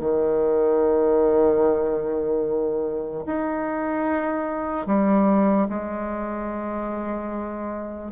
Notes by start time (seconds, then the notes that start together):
0.00 D#3
3.26 D#4
4.86 G3
5.69 G#3